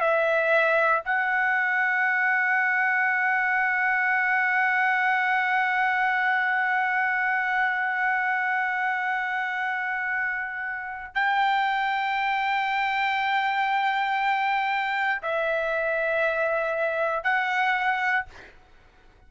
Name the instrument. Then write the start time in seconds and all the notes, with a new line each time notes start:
trumpet
0.00 E5
1.04 F#5
11.14 G5
15.22 E5
17.23 F#5